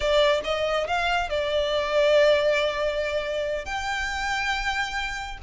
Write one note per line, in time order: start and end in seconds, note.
0.00 0.41 D5
0.44 0.87 D#5
0.87 1.29 F5
1.29 3.65 D5
3.65 5.38 G5